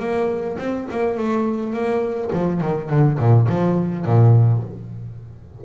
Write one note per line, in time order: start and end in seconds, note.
0.00 0.58 A#3
0.58 0.87 C4
0.91 1.17 A#3
1.17 1.74 A3
1.74 2.31 A#3
2.33 2.61 F3
2.61 2.90 D#3
2.90 3.19 D3
3.19 3.48 A#2
3.49 4.05 F3
4.05 4.63 A#2